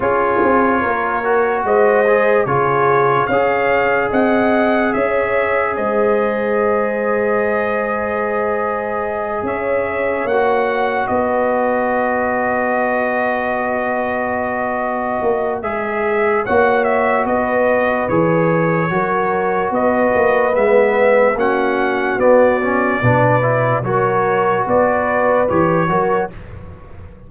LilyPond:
<<
  \new Staff \with { instrumentName = "trumpet" } { \time 4/4 \tempo 4 = 73 cis''2 dis''4 cis''4 | f''4 fis''4 e''4 dis''4~ | dis''2.~ dis''8 e''8~ | e''8 fis''4 dis''2~ dis''8~ |
dis''2. e''4 | fis''8 e''8 dis''4 cis''2 | dis''4 e''4 fis''4 d''4~ | d''4 cis''4 d''4 cis''4 | }
  \new Staff \with { instrumentName = "horn" } { \time 4/4 gis'4 ais'4 c''4 gis'4 | cis''4 dis''4 cis''4 c''4~ | c''2.~ c''8 cis''8~ | cis''4. b'2~ b'8~ |
b'1 | cis''4 b'2 ais'4 | b'2 fis'2 | b'4 ais'4 b'4. ais'8 | }
  \new Staff \with { instrumentName = "trombone" } { \time 4/4 f'4. fis'4 gis'8 f'4 | gis'1~ | gis'1~ | gis'8 fis'2.~ fis'8~ |
fis'2. gis'4 | fis'2 gis'4 fis'4~ | fis'4 b4 cis'4 b8 cis'8 | d'8 e'8 fis'2 g'8 fis'8 | }
  \new Staff \with { instrumentName = "tuba" } { \time 4/4 cis'8 c'8 ais4 gis4 cis4 | cis'4 c'4 cis'4 gis4~ | gis2.~ gis8 cis'8~ | cis'8 ais4 b2~ b8~ |
b2~ b8 ais8 gis4 | ais4 b4 e4 fis4 | b8 ais8 gis4 ais4 b4 | b,4 fis4 b4 e8 fis8 | }
>>